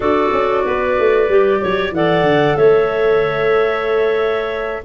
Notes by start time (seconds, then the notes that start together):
0.00 D4 F#4 A4 D5
0.32 C#4
0.64 B3 B4
0.99 A3
1.28 G3 G4
1.61 F#3 C#5
1.91 E3 A4 D5 F#5
2.23 D3
2.56 A3 C#5 E5